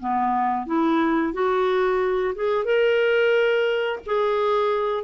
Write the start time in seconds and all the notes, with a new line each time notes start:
0.00 B3
0.66 E4
1.33 F#4
2.35 G#4
2.65 A#4
4.06 G#4